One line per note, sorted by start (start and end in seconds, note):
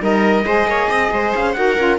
0.00 0.44 G3
0.00 0.44 D#4
0.00 0.46 A#4
0.00 1.35 D#5
0.45 0.65 G#3
0.45 1.54 G#4
0.45 0.68 C5
0.65 0.87 A#3
0.65 0.89 C#5
0.89 1.11 C4
0.89 1.11 D#5
1.11 1.33 G#3
1.11 1.57 C5
1.35 1.56 C#4
1.35 1.53 F5
1.53 1.77 D#4
1.53 1.76 F#4
1.53 1.99 A#4
1.53 1.96 F#5
1.77 1.99 C#4
1.77 1.99 F4